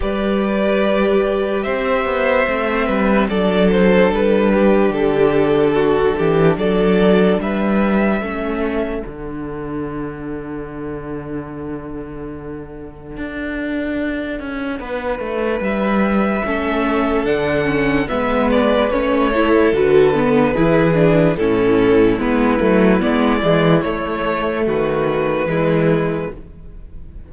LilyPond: <<
  \new Staff \with { instrumentName = "violin" } { \time 4/4 \tempo 4 = 73 d''2 e''2 | d''8 c''8 b'4 a'2 | d''4 e''2 fis''4~ | fis''1~ |
fis''2. e''4~ | e''4 fis''4 e''8 d''8 cis''4 | b'2 a'4 b'4 | d''4 cis''4 b'2 | }
  \new Staff \with { instrumentName = "violin" } { \time 4/4 b'2 c''4. b'8 | a'4. g'4. fis'8 g'8 | a'4 b'4 a'2~ | a'1~ |
a'2 b'2 | a'2 b'4. a'8~ | a'4 gis'4 e'2~ | e'2 fis'4 e'4 | }
  \new Staff \with { instrumentName = "viola" } { \time 4/4 g'2. c'4 | d'1~ | d'2 cis'4 d'4~ | d'1~ |
d'1 | cis'4 d'8 cis'8 b4 cis'8 e'8 | fis'8 b8 e'8 d'8 cis'4 b8 a8 | b8 gis8 a2 gis4 | }
  \new Staff \with { instrumentName = "cello" } { \time 4/4 g2 c'8 b8 a8 g8 | fis4 g4 d4. e8 | fis4 g4 a4 d4~ | d1 |
d'4. cis'8 b8 a8 g4 | a4 d4 gis4 a4 | d4 e4 a,4 gis8 fis8 | gis8 e8 a4 dis4 e4 | }
>>